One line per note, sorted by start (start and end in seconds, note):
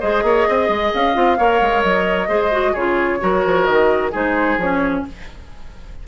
0.00 0.23 G#3
0.00 1.14 G#4
0.00 0.23 C5
0.00 0.92 D#5
0.23 0.46 A#3
0.23 0.48 C#5
0.48 0.69 C4
0.48 1.38 D#5
0.69 0.92 G#3
0.94 1.16 C#4
0.94 1.83 F5
1.14 1.38 C4
1.14 1.37 F4
1.38 1.61 A#3
1.38 2.28 A#4
1.38 2.29 C#5
1.61 1.84 G#3
1.83 2.28 F#3
1.83 2.75 D#5
2.28 2.74 G#3
2.28 2.51 G#4
2.28 2.72 C5
2.51 2.74 F#4
2.72 3.21 C#3
2.72 3.20 F4
2.72 3.18 G#4
2.72 3.65 C#5
3.20 3.45 F#3
3.20 4.11 F#4
3.20 4.11 A#4
3.45 3.68 F3
3.65 4.14 D#3
3.65 4.10 D#5
4.11 4.57 G#3
4.11 4.59 D#4
4.11 5.03 G#4
4.11 4.60 C5
4.57 5.03 F3
4.57 5.07 C#4
4.57 5.05 C#5